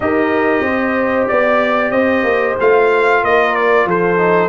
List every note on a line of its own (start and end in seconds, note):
0.00 0.61 D#4
0.00 2.58 G4
0.00 0.65 A#4
0.00 1.27 D#5
0.61 1.26 C4
0.61 1.29 C5
1.27 1.91 B3
1.27 1.91 D5
1.27 1.92 D5
1.91 2.23 C4
1.91 3.22 C5
1.91 2.55 D#5
2.23 2.55 A#3
2.60 3.23 A3
2.60 4.17 F4
2.60 3.24 F5
3.23 3.85 A#3
3.23 3.87 A#4
3.23 3.55 D#5
3.55 3.87 D5
3.85 4.48 F3
3.85 4.48 A4
3.85 4.48 C5
4.17 4.48 D#4